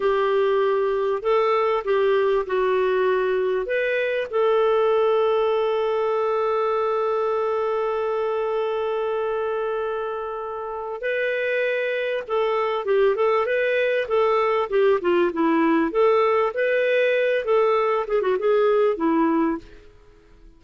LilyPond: \new Staff \with { instrumentName = "clarinet" } { \time 4/4 \tempo 4 = 98 g'2 a'4 g'4 | fis'2 b'4 a'4~ | a'1~ | a'1~ |
a'2 b'2 | a'4 g'8 a'8 b'4 a'4 | g'8 f'8 e'4 a'4 b'4~ | b'8 a'4 gis'16 fis'16 gis'4 e'4 | }